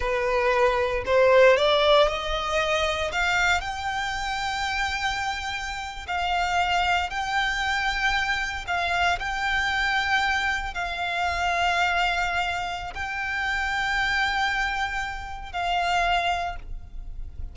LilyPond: \new Staff \with { instrumentName = "violin" } { \time 4/4 \tempo 4 = 116 b'2 c''4 d''4 | dis''2 f''4 g''4~ | g''2.~ g''8. f''16~ | f''4.~ f''16 g''2~ g''16~ |
g''8. f''4 g''2~ g''16~ | g''8. f''2.~ f''16~ | f''4 g''2.~ | g''2 f''2 | }